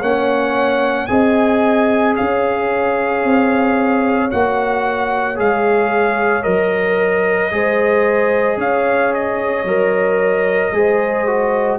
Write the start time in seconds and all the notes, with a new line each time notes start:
0.00 A#3 C#4 C#5 F#5
1.07 C4 G#4 D#5 G#5
2.16 C#4 C#5 F5
3.25 C4
4.31 A#3 F#4 F#5
5.36 G#3 G#4 F5
6.43 F#3 A#4 D#5
7.51 G#3 G#4 C5
8.57 C#4 C#5 F5
9.15 D#5
9.65 F#3 A#4
10.73 G#3 G#4 C5
11.27 F#4